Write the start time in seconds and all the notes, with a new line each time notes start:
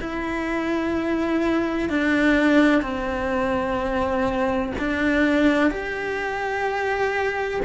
0.00 E4
1.90 D4
2.82 C4
4.78 D4
5.71 G4